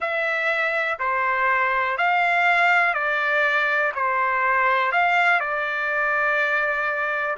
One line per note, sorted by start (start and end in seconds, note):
0.00 0.98 E5
0.99 1.97 C5
1.97 2.94 F5
2.94 3.92 D5
3.94 4.92 C5
4.92 5.40 F5
5.40 7.36 D5